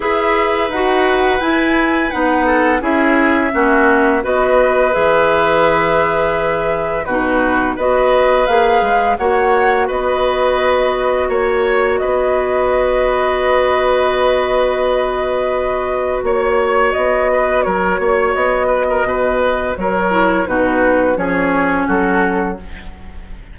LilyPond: <<
  \new Staff \with { instrumentName = "flute" } { \time 4/4 \tempo 4 = 85 e''4 fis''4 gis''4 fis''4 | e''2 dis''4 e''4~ | e''2 b'4 dis''4 | f''4 fis''4 dis''2 |
cis''4 dis''2.~ | dis''2. cis''4 | dis''4 cis''4 dis''2 | cis''4 b'4 cis''4 a'4 | }
  \new Staff \with { instrumentName = "oboe" } { \time 4/4 b'2.~ b'8 a'8 | gis'4 fis'4 b'2~ | b'2 fis'4 b'4~ | b'4 cis''4 b'2 |
cis''4 b'2.~ | b'2. cis''4~ | cis''8 b'8 ais'8 cis''4 b'16 ais'16 b'4 | ais'4 fis'4 gis'4 fis'4 | }
  \new Staff \with { instrumentName = "clarinet" } { \time 4/4 gis'4 fis'4 e'4 dis'4 | e'4 cis'4 fis'4 gis'4~ | gis'2 dis'4 fis'4 | gis'4 fis'2.~ |
fis'1~ | fis'1~ | fis'1~ | fis'8 e'8 dis'4 cis'2 | }
  \new Staff \with { instrumentName = "bassoon" } { \time 4/4 e'4 dis'4 e'4 b4 | cis'4 ais4 b4 e4~ | e2 b,4 b4 | ais8 gis8 ais4 b2 |
ais4 b2.~ | b2. ais4 | b4 fis8 ais8 b4 b,4 | fis4 b,4 f4 fis4 | }
>>